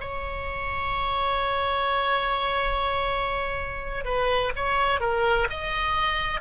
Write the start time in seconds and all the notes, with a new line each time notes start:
0.00 C#5
4.04 B4
4.55 C#5
5.00 A#4
5.49 D#5